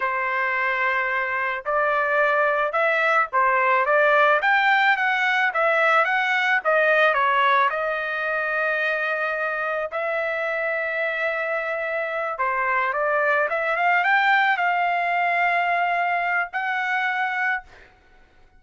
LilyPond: \new Staff \with { instrumentName = "trumpet" } { \time 4/4 \tempo 4 = 109 c''2. d''4~ | d''4 e''4 c''4 d''4 | g''4 fis''4 e''4 fis''4 | dis''4 cis''4 dis''2~ |
dis''2 e''2~ | e''2~ e''8 c''4 d''8~ | d''8 e''8 f''8 g''4 f''4.~ | f''2 fis''2 | }